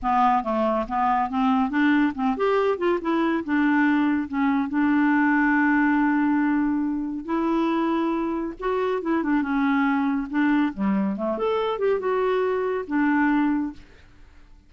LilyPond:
\new Staff \with { instrumentName = "clarinet" } { \time 4/4 \tempo 4 = 140 b4 a4 b4 c'4 | d'4 c'8 g'4 f'8 e'4 | d'2 cis'4 d'4~ | d'1~ |
d'4 e'2. | fis'4 e'8 d'8 cis'2 | d'4 g4 a8 a'4 g'8 | fis'2 d'2 | }